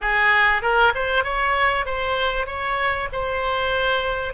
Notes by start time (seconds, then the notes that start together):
0.01 G#4
0.62 A#4
0.94 C5
1.23 C#5
1.85 C5
2.46 C#5
3.12 C5